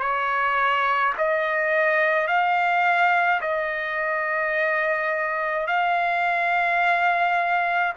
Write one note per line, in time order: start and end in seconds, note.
0.00 1.13 C#5
1.18 2.27 D#5
2.27 3.41 F5
3.41 5.67 D#5
5.67 7.93 F5